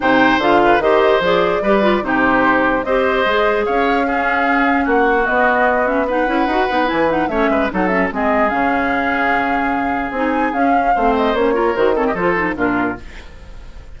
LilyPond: <<
  \new Staff \with { instrumentName = "flute" } { \time 4/4 \tempo 4 = 148 g''4 f''4 dis''4 d''4~ | d''4 c''2 dis''4~ | dis''4 f''2. | fis''4 dis''4. e''8 fis''4~ |
fis''4 gis''8 fis''8 e''4 fis''8 e''8 | dis''4 f''2.~ | f''4 gis''4 f''4. dis''8 | cis''4 c''8 cis''16 dis''16 c''4 ais'4 | }
  \new Staff \with { instrumentName = "oboe" } { \time 4/4 c''4. b'8 c''2 | b'4 g'2 c''4~ | c''4 cis''4 gis'2 | fis'2. b'4~ |
b'2 cis''8 b'8 a'4 | gis'1~ | gis'2. c''4~ | c''8 ais'4 a'16 g'16 a'4 f'4 | }
  \new Staff \with { instrumentName = "clarinet" } { \time 4/4 dis'4 f'4 g'4 gis'4 | g'8 f'8 dis'2 g'4 | gis'2 cis'2~ | cis'4 b4. cis'8 dis'8 e'8 |
fis'8 dis'8 e'8 dis'8 cis'4 dis'8 cis'8 | c'4 cis'2.~ | cis'4 dis'4 cis'4 c'4 | cis'8 f'8 fis'8 c'8 f'8 dis'8 d'4 | }
  \new Staff \with { instrumentName = "bassoon" } { \time 4/4 c4 d4 dis4 f4 | g4 c2 c'4 | gis4 cis'2. | ais4 b2~ b8 cis'8 |
dis'8 b8 e4 a8 gis8 fis4 | gis4 cis2.~ | cis4 c'4 cis'4 a4 | ais4 dis4 f4 ais,4 | }
>>